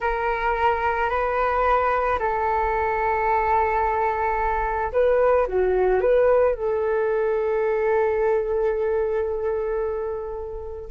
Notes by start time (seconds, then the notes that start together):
0.00 A#4
1.09 B4
2.19 A4
4.92 B4
5.47 F#4
6.00 B4
6.55 A4